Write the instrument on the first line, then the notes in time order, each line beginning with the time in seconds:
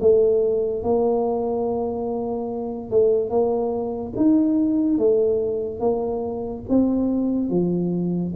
tuba
0.00 A3
0.83 A#3
2.90 A3
3.30 A#3
4.16 D#4
4.98 A3
5.80 A#3
6.69 C4
7.50 F3